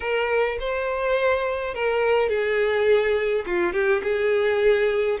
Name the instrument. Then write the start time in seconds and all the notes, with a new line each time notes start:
violin
0.00 A#4
0.59 C5
1.74 A#4
2.29 G#4
3.46 F4
3.72 G4
4.03 G#4